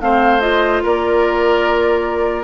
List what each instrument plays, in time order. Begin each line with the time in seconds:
0.00 bassoon A3, clarinet C4, oboe C5, flute F5
0.40 clarinet F4, flute D#5
0.83 bassoon A#3, oboe A#4, flute D5